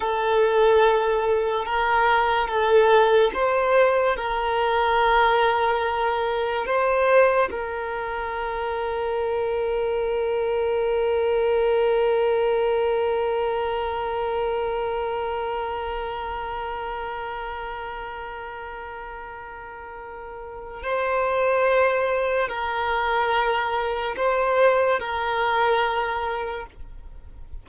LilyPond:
\new Staff \with { instrumentName = "violin" } { \time 4/4 \tempo 4 = 72 a'2 ais'4 a'4 | c''4 ais'2. | c''4 ais'2.~ | ais'1~ |
ais'1~ | ais'1~ | ais'4 c''2 ais'4~ | ais'4 c''4 ais'2 | }